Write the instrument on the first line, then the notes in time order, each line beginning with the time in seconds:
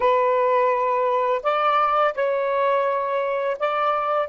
saxophone
0.00 B4
1.42 D5
2.14 C#5
3.59 D5